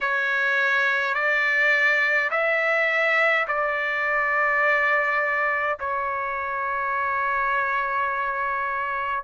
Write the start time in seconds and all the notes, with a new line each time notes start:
0.00 C#5
1.14 D5
2.31 E5
3.47 D5
5.80 C#5